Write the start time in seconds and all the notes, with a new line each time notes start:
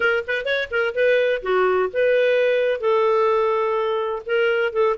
0.00 A#4
0.27 B4
0.45 C#5
0.71 A#4
0.94 B4
1.42 F#4
1.93 B4
2.80 A4
4.26 A#4
4.72 A4